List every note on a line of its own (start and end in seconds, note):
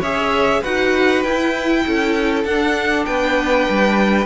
0.00 0.61 C#4
0.00 0.63 G#4
0.00 0.60 C#5
0.00 0.63 E5
0.60 1.24 D#4
0.60 1.25 F#4
0.60 1.81 B4
0.60 1.23 F#5
1.23 1.85 E4
1.23 2.46 E4
1.23 2.44 G5
1.87 2.44 C#4
1.87 3.06 A4
2.44 3.05 D4
2.44 4.25 D4
2.44 3.05 F#5
3.05 3.68 B3
3.05 4.25 B4
3.05 4.25 G5
3.69 4.25 G3